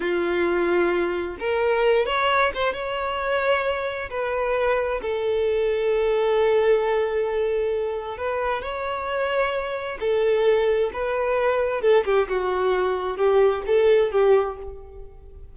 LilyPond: \new Staff \with { instrumentName = "violin" } { \time 4/4 \tempo 4 = 132 f'2. ais'4~ | ais'8 cis''4 c''8 cis''2~ | cis''4 b'2 a'4~ | a'1~ |
a'2 b'4 cis''4~ | cis''2 a'2 | b'2 a'8 g'8 fis'4~ | fis'4 g'4 a'4 g'4 | }